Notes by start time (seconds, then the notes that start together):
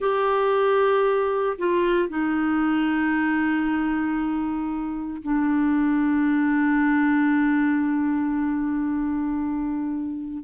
0.00 G4
1.57 F4
2.09 D#4
5.22 D4